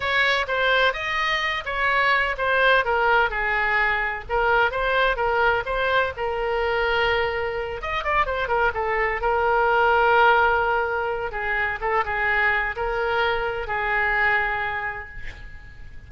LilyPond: \new Staff \with { instrumentName = "oboe" } { \time 4/4 \tempo 4 = 127 cis''4 c''4 dis''4. cis''8~ | cis''4 c''4 ais'4 gis'4~ | gis'4 ais'4 c''4 ais'4 | c''4 ais'2.~ |
ais'8 dis''8 d''8 c''8 ais'8 a'4 ais'8~ | ais'1 | gis'4 a'8 gis'4. ais'4~ | ais'4 gis'2. | }